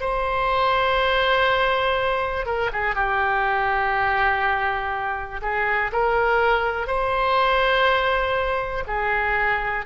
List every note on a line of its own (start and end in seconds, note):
0.00 2.45 C5
2.45 2.70 A#4
2.73 2.95 G#4
2.95 5.41 G4
5.41 5.91 G#4
5.92 6.87 A#4
6.87 8.83 C5
8.87 9.85 G#4